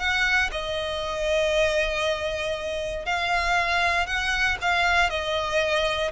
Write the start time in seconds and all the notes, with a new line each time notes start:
0.00 F#5
0.52 D#5
3.06 F5
4.07 F#5
4.62 F5
5.10 D#5